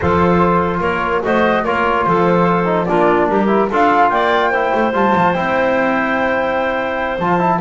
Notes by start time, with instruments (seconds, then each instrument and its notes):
0.00 double bass F3, trombone F4, clarinet A4, flute C5
0.80 double bass A#3, clarinet A#4, flute C#5
1.23 double bass A3, trombone F#4, clarinet C5, flute D#5
1.64 double bass A#3, trombone F4, clarinet A#4, flute C#5
2.04 double bass F3, clarinet A4, flute C5
2.65 trombone D#4
2.85 double bass A#3, trombone D4, clarinet F4, flute D5
3.29 double bass G3, clarinet G4, flute A#4
3.47 trombone E4
3.68 double bass D4, trombone F4, clarinet A4, flute F5
4.09 double bass A#3, clarinet D5, flute G5
4.50 trombone E4, clarinet C5
4.74 double bass A3
4.93 double bass G3, trombone F4, flute A5
5.14 double bass F3
5.32 double bass C4, trombone E4, flute G5
7.18 double bass F3, trombone F4, flute A5
7.39 trombone E4